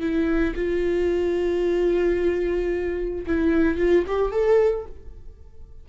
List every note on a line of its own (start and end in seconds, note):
0.00 0.54 E4
0.55 3.26 F4
3.26 3.77 E4
3.77 4.04 F4
4.06 4.31 G4
4.31 4.85 A4